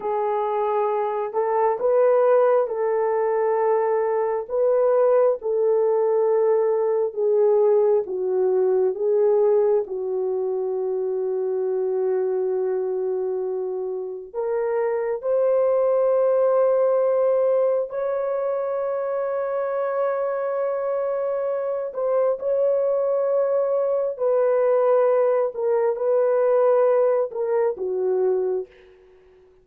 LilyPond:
\new Staff \with { instrumentName = "horn" } { \time 4/4 \tempo 4 = 67 gis'4. a'8 b'4 a'4~ | a'4 b'4 a'2 | gis'4 fis'4 gis'4 fis'4~ | fis'1 |
ais'4 c''2. | cis''1~ | cis''8 c''8 cis''2 b'4~ | b'8 ais'8 b'4. ais'8 fis'4 | }